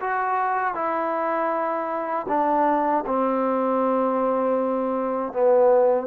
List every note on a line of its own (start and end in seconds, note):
0.00 0.74 F#4
0.74 2.26 E4
2.28 3.04 D4
3.06 5.32 C4
5.32 6.07 B3